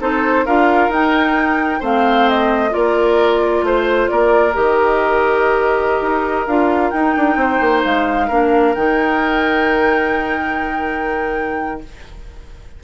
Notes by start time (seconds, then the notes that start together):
0.00 C4 D#4 A4 C5
0.45 D4 F4 A#4 F5
0.88 D#4 G5
1.79 A3 C4 C5 F5
2.29 D#5
2.70 A#3 F4 A#4 D5
3.62 A3 C5
4.08 A#3 A#4 D5
4.53 D#3 G4 D#5
6.01 D#4
6.46 D4 F4 F5
6.90 D#4 G5
7.16 D4
7.36 C4 C5
7.61 A#3
7.84 G#3 F5
8.27 A#3 D4 A#4
8.74 D#3 D#4 G5